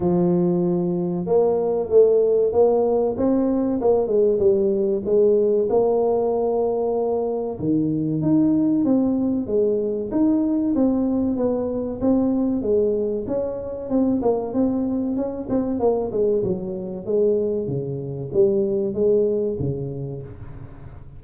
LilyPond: \new Staff \with { instrumentName = "tuba" } { \time 4/4 \tempo 4 = 95 f2 ais4 a4 | ais4 c'4 ais8 gis8 g4 | gis4 ais2. | dis4 dis'4 c'4 gis4 |
dis'4 c'4 b4 c'4 | gis4 cis'4 c'8 ais8 c'4 | cis'8 c'8 ais8 gis8 fis4 gis4 | cis4 g4 gis4 cis4 | }